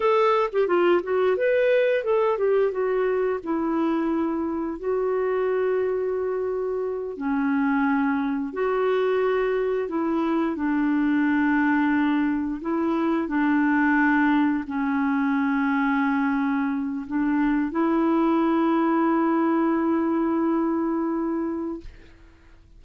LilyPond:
\new Staff \with { instrumentName = "clarinet" } { \time 4/4 \tempo 4 = 88 a'8. g'16 f'8 fis'8 b'4 a'8 g'8 | fis'4 e'2 fis'4~ | fis'2~ fis'8 cis'4.~ | cis'8 fis'2 e'4 d'8~ |
d'2~ d'8 e'4 d'8~ | d'4. cis'2~ cis'8~ | cis'4 d'4 e'2~ | e'1 | }